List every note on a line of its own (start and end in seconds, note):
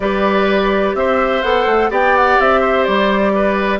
0.00 0.94 G3
0.00 1.43 G4
0.00 0.96 B4
0.00 0.95 D5
0.94 1.42 C4
0.94 1.90 C5
0.94 1.42 E5
1.42 1.65 B3
1.42 1.90 A4
1.42 1.90 F#5
1.65 1.89 A3
1.90 2.38 B3
1.90 3.79 G4
1.90 2.60 D5
1.90 2.16 G5
2.16 2.40 F#5
2.39 2.87 C4
2.39 2.84 E5
2.60 3.32 C5
2.84 3.79 G3
2.84 3.79 D5
3.34 3.79 B4